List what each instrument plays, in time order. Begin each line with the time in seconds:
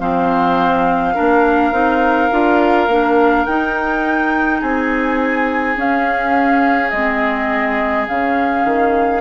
0.00 bassoon F3, clarinet C4, oboe C5, flute F5
1.15 bassoon A#3, clarinet D4, oboe A#4
1.72 bassoon C4, clarinet D#4
2.31 bassoon D4, clarinet F4
2.88 bassoon A#3, clarinet D4
3.45 bassoon D#4, clarinet D#4, flute G5
4.61 bassoon C4, oboe G#4, flute G#5
5.76 clarinet C#4, bassoon C#4, flute F5
6.90 bassoon G#3, flute D#5
6.96 clarinet C4
8.08 bassoon C#3, clarinet C#4, flute F5
8.65 bassoon D#3